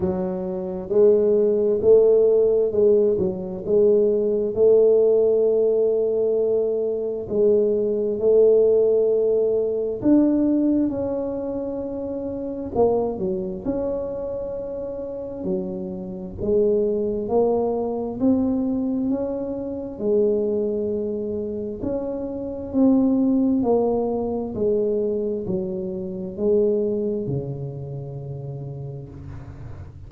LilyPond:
\new Staff \with { instrumentName = "tuba" } { \time 4/4 \tempo 4 = 66 fis4 gis4 a4 gis8 fis8 | gis4 a2. | gis4 a2 d'4 | cis'2 ais8 fis8 cis'4~ |
cis'4 fis4 gis4 ais4 | c'4 cis'4 gis2 | cis'4 c'4 ais4 gis4 | fis4 gis4 cis2 | }